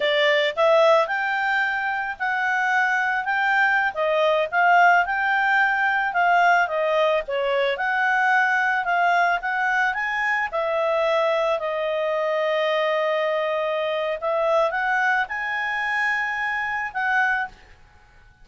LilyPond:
\new Staff \with { instrumentName = "clarinet" } { \time 4/4 \tempo 4 = 110 d''4 e''4 g''2 | fis''2 g''4~ g''16 dis''8.~ | dis''16 f''4 g''2 f''8.~ | f''16 dis''4 cis''4 fis''4.~ fis''16~ |
fis''16 f''4 fis''4 gis''4 e''8.~ | e''4~ e''16 dis''2~ dis''8.~ | dis''2 e''4 fis''4 | gis''2. fis''4 | }